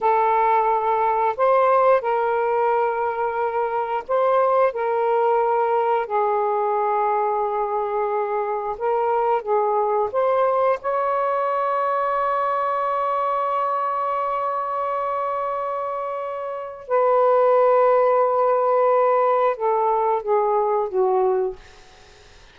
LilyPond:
\new Staff \with { instrumentName = "saxophone" } { \time 4/4 \tempo 4 = 89 a'2 c''4 ais'4~ | ais'2 c''4 ais'4~ | ais'4 gis'2.~ | gis'4 ais'4 gis'4 c''4 |
cis''1~ | cis''1~ | cis''4 b'2.~ | b'4 a'4 gis'4 fis'4 | }